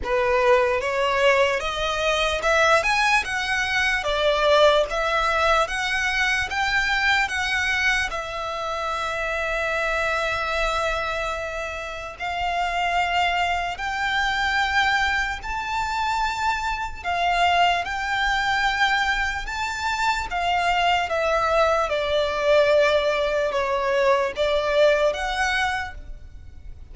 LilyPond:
\new Staff \with { instrumentName = "violin" } { \time 4/4 \tempo 4 = 74 b'4 cis''4 dis''4 e''8 gis''8 | fis''4 d''4 e''4 fis''4 | g''4 fis''4 e''2~ | e''2. f''4~ |
f''4 g''2 a''4~ | a''4 f''4 g''2 | a''4 f''4 e''4 d''4~ | d''4 cis''4 d''4 fis''4 | }